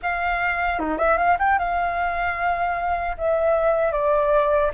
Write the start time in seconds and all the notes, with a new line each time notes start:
0.02 F5
0.79 D#4
0.98 E5
1.17 F5
1.39 G5
1.58 F5
3.17 E5
3.92 D5